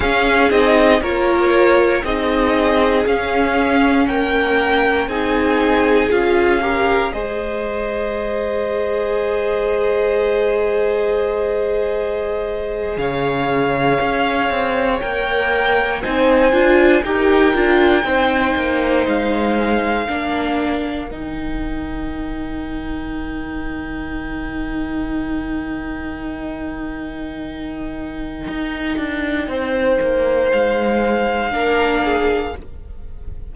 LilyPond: <<
  \new Staff \with { instrumentName = "violin" } { \time 4/4 \tempo 4 = 59 f''8 dis''8 cis''4 dis''4 f''4 | g''4 gis''4 f''4 dis''4~ | dis''1~ | dis''8. f''2 g''4 gis''16~ |
gis''8. g''2 f''4~ f''16~ | f''8. g''2.~ g''16~ | g''1~ | g''2 f''2 | }
  \new Staff \with { instrumentName = "violin" } { \time 4/4 gis'4 ais'4 gis'2 | ais'4 gis'4. ais'8 c''4~ | c''1~ | c''8. cis''2. c''16~ |
c''8. ais'4 c''2 ais'16~ | ais'1~ | ais'1~ | ais'4 c''2 ais'8 gis'8 | }
  \new Staff \with { instrumentName = "viola" } { \time 4/4 cis'8 dis'8 f'4 dis'4 cis'4~ | cis'4 dis'4 f'8 g'8 gis'4~ | gis'1~ | gis'2~ gis'8. ais'4 dis'16~ |
dis'16 f'8 g'8 f'8 dis'2 d'16~ | d'8. dis'2.~ dis'16~ | dis'1~ | dis'2. d'4 | }
  \new Staff \with { instrumentName = "cello" } { \time 4/4 cis'8 c'8 ais4 c'4 cis'4 | ais4 c'4 cis'4 gis4~ | gis1~ | gis8. cis4 cis'8 c'8 ais4 c'16~ |
c'16 d'8 dis'8 d'8 c'8 ais8 gis4 ais16~ | ais8. dis2.~ dis16~ | dis1 | dis'8 d'8 c'8 ais8 gis4 ais4 | }
>>